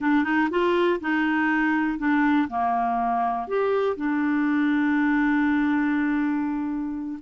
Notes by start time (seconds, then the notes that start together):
0.00 D4
0.23 D#4
0.50 F4
1.00 D#4
1.98 D4
2.49 A#3
3.47 G4
3.96 D4